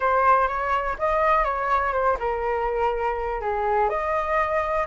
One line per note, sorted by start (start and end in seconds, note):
0.00 0.48 C5
0.48 0.96 C#5
0.98 1.44 D#5
1.44 1.92 C#5
1.92 2.17 C5
2.19 3.41 A#4
3.41 3.89 G#4
3.89 4.86 D#5